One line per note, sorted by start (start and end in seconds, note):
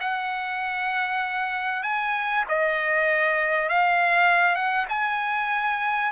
0.00 1.83 F#5
1.83 2.44 G#5
2.48 3.69 D#5
3.69 4.55 F5
4.55 4.86 F#5
4.89 6.11 G#5